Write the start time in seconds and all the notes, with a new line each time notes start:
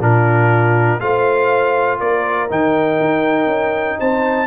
0.00 A#2 D4 F4 A#4
1.00 A3 F4 C5 F5
1.99 A#3 A#4 D5
2.49 D#3 D#4 G5
3.00 D#4
3.46 C#4
3.99 C4 C5 A5